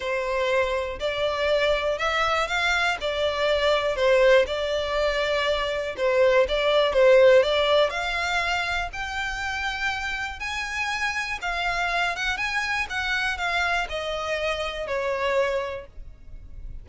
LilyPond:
\new Staff \with { instrumentName = "violin" } { \time 4/4 \tempo 4 = 121 c''2 d''2 | e''4 f''4 d''2 | c''4 d''2. | c''4 d''4 c''4 d''4 |
f''2 g''2~ | g''4 gis''2 f''4~ | f''8 fis''8 gis''4 fis''4 f''4 | dis''2 cis''2 | }